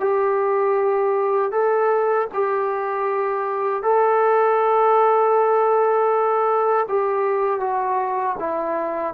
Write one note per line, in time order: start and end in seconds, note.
0.00 1.52 G4
1.52 2.28 A4
2.34 3.83 G4
3.83 6.87 A4
6.88 7.60 G4
7.60 8.36 F#4
8.39 9.14 E4